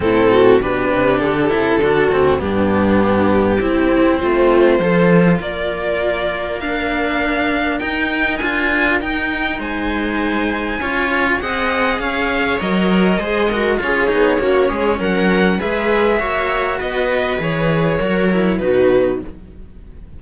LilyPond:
<<
  \new Staff \with { instrumentName = "violin" } { \time 4/4 \tempo 4 = 100 a'4 b'4 a'2 | g'2. c''4~ | c''4 d''2 f''4~ | f''4 g''4 gis''4 g''4 |
gis''2. fis''4 | f''4 dis''2 cis''4~ | cis''4 fis''4 e''2 | dis''4 cis''2 b'4 | }
  \new Staff \with { instrumentName = "viola" } { \time 4/4 e'8 fis'8 g'2 fis'4 | d'2 e'4 f'4 | a'4 ais'2.~ | ais'1 |
c''2 cis''4 dis''4 | cis''2 c''8 ais'8 gis'4 | fis'8 gis'8 ais'4 b'4 cis''4 | b'2 ais'4 fis'4 | }
  \new Staff \with { instrumentName = "cello" } { \time 4/4 c'4 d'4. e'8 d'8 c'8 | b2 c'2 | f'2. d'4~ | d'4 dis'4 f'4 dis'4~ |
dis'2 f'4 gis'4~ | gis'4 ais'4 gis'8 fis'8 f'8 dis'8 | cis'2 gis'4 fis'4~ | fis'4 gis'4 fis'8 e'8 dis'4 | }
  \new Staff \with { instrumentName = "cello" } { \time 4/4 a,4 b,8 c8 d8 c8 d8 d,8 | g,2 c'4 a4 | f4 ais2.~ | ais4 dis'4 d'4 dis'4 |
gis2 cis'4 c'4 | cis'4 fis4 gis4 cis'8 b8 | ais8 gis8 fis4 gis4 ais4 | b4 e4 fis4 b,4 | }
>>